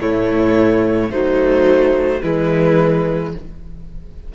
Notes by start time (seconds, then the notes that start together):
0.00 A2 A3 E4 C#5
1.10 F#3 A3 D#4 C5
2.21 E3 G#3 E4 B4